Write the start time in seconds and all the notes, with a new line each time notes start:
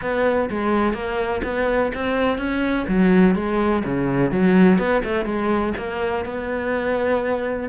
0.01 B3
0.49 G#3
0.93 A#3
1.43 B3
1.94 C4
2.38 C#4
2.88 F#3
3.35 G#3
3.84 C#3
4.31 F#3
4.78 B3
5.04 A3
5.25 G#3
5.77 A#3
6.25 B3